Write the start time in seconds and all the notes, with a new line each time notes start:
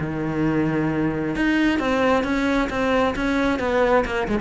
0.00 D#3
1.35 D#4
1.79 C4
2.24 C#4
2.70 C4
3.16 C#4
3.59 B3
4.05 A#3
4.28 G#3